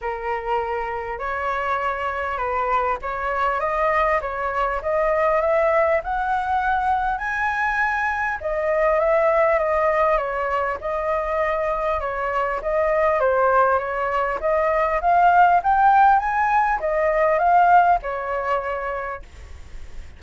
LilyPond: \new Staff \with { instrumentName = "flute" } { \time 4/4 \tempo 4 = 100 ais'2 cis''2 | b'4 cis''4 dis''4 cis''4 | dis''4 e''4 fis''2 | gis''2 dis''4 e''4 |
dis''4 cis''4 dis''2 | cis''4 dis''4 c''4 cis''4 | dis''4 f''4 g''4 gis''4 | dis''4 f''4 cis''2 | }